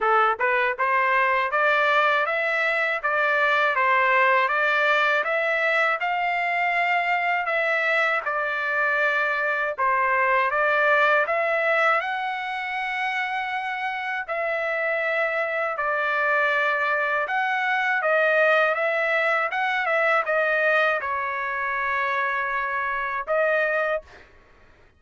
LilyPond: \new Staff \with { instrumentName = "trumpet" } { \time 4/4 \tempo 4 = 80 a'8 b'8 c''4 d''4 e''4 | d''4 c''4 d''4 e''4 | f''2 e''4 d''4~ | d''4 c''4 d''4 e''4 |
fis''2. e''4~ | e''4 d''2 fis''4 | dis''4 e''4 fis''8 e''8 dis''4 | cis''2. dis''4 | }